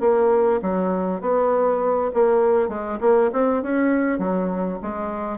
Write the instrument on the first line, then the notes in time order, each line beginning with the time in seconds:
bassoon
0.00 A#3
0.62 F#3
1.21 B3
2.14 A#3
2.68 G#3
3.00 A#3
3.32 C4
3.62 C#4
4.18 F#3
4.82 G#3